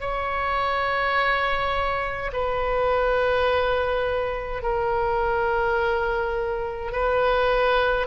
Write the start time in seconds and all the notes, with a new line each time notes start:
0.00 C#5
2.32 B4
4.62 A#4
6.92 B4